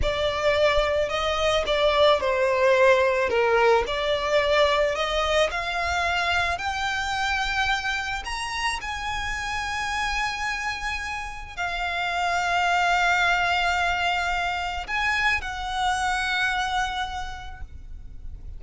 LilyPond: \new Staff \with { instrumentName = "violin" } { \time 4/4 \tempo 4 = 109 d''2 dis''4 d''4 | c''2 ais'4 d''4~ | d''4 dis''4 f''2 | g''2. ais''4 |
gis''1~ | gis''4 f''2.~ | f''2. gis''4 | fis''1 | }